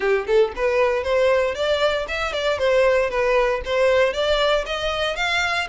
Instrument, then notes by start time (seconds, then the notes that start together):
violin
0.00 G4
0.27 A4
0.56 B4
1.03 C5
1.54 D5
2.08 E5
2.32 D5
2.58 C5
3.10 B4
3.65 C5
4.13 D5
4.66 D#5
5.15 F5